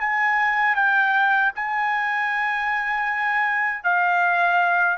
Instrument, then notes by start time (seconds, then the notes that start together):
trumpet
0.00 G#5
0.75 G5
1.55 G#5
3.84 F5